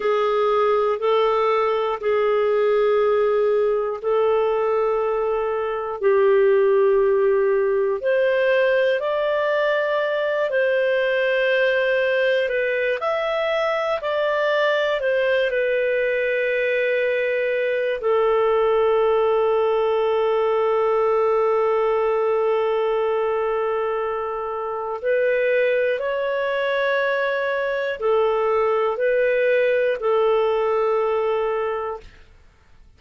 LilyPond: \new Staff \with { instrumentName = "clarinet" } { \time 4/4 \tempo 4 = 60 gis'4 a'4 gis'2 | a'2 g'2 | c''4 d''4. c''4.~ | c''8 b'8 e''4 d''4 c''8 b'8~ |
b'2 a'2~ | a'1~ | a'4 b'4 cis''2 | a'4 b'4 a'2 | }